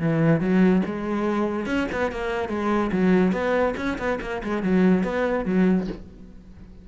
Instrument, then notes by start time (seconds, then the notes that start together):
cello
0.00 E3
0.41 F#3
0.86 G#3
1.66 C#4
1.92 B3
2.12 A#3
2.49 G#3
2.92 F#3
3.33 B3
3.77 C#4
3.99 B3
4.22 A#3
4.44 G#3
4.63 F#3
5.04 B3
5.46 F#3